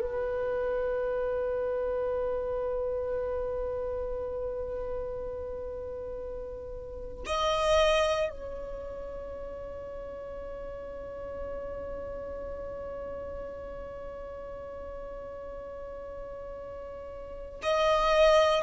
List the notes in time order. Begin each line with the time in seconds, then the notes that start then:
0.00 B4
7.26 D#5
8.30 C#5
17.62 D#5